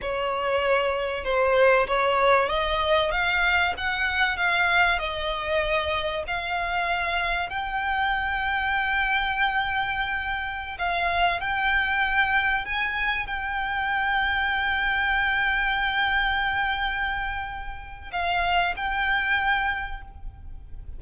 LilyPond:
\new Staff \with { instrumentName = "violin" } { \time 4/4 \tempo 4 = 96 cis''2 c''4 cis''4 | dis''4 f''4 fis''4 f''4 | dis''2 f''2 | g''1~ |
g''4~ g''16 f''4 g''4.~ g''16~ | g''16 gis''4 g''2~ g''8.~ | g''1~ | g''4 f''4 g''2 | }